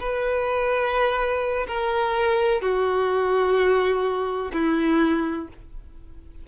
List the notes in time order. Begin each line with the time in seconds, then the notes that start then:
0.00 B4
1.68 A#4
2.61 F#4
4.53 E4